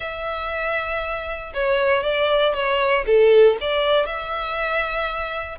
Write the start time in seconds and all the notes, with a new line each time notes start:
0.00 E5
1.53 C#5
2.03 D5
2.54 C#5
3.06 A4
3.60 D5
4.05 E5